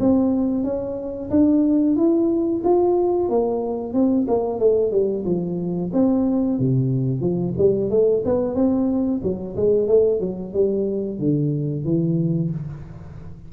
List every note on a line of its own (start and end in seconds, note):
0.00 0.64 C4
0.64 1.30 C#4
1.30 1.96 D4
1.96 2.62 E4
2.64 3.29 F4
3.29 3.94 A#3
3.94 4.26 C4
4.28 4.59 A#3
4.59 4.92 A3
4.92 5.24 G3
5.25 5.91 F3
5.93 6.59 C4
6.59 7.20 C3
7.20 7.53 F3
7.58 7.90 G3
7.90 8.23 A3
8.25 8.55 B3
8.55 9.21 C4
9.23 9.56 F#3
9.56 9.88 G#3
9.88 10.20 A3
10.20 10.53 F#3
10.53 11.19 G3
11.19 11.84 D3
11.84 12.50 E3